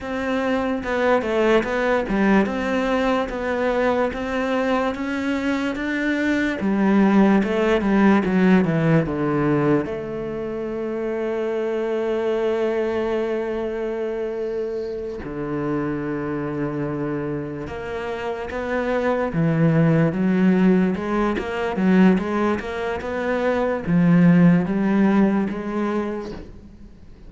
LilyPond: \new Staff \with { instrumentName = "cello" } { \time 4/4 \tempo 4 = 73 c'4 b8 a8 b8 g8 c'4 | b4 c'4 cis'4 d'4 | g4 a8 g8 fis8 e8 d4 | a1~ |
a2~ a8 d4.~ | d4. ais4 b4 e8~ | e8 fis4 gis8 ais8 fis8 gis8 ais8 | b4 f4 g4 gis4 | }